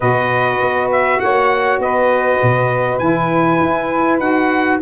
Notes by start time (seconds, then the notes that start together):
0.00 B2 F#4 B4 D#5
0.60 B3
0.92 E5
1.19 A#3 C#5 F#5
1.79 B3 B4 D#5
2.42 B2
2.98 E3 E4 G#5
3.59 E4
4.19 D#4 F#4 F#5